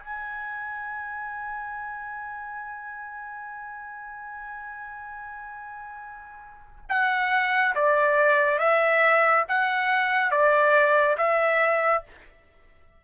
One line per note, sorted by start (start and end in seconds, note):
0.00 6.86 G#5
6.89 7.75 F#5
7.75 8.59 D5
8.59 9.45 E5
9.49 10.31 F#5
10.31 11.17 D5
11.18 12.04 E5